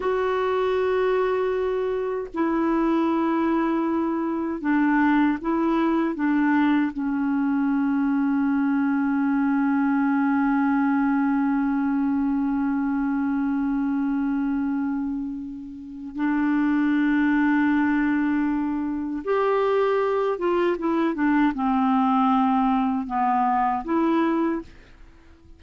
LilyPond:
\new Staff \with { instrumentName = "clarinet" } { \time 4/4 \tempo 4 = 78 fis'2. e'4~ | e'2 d'4 e'4 | d'4 cis'2.~ | cis'1~ |
cis'1~ | cis'4 d'2.~ | d'4 g'4. f'8 e'8 d'8 | c'2 b4 e'4 | }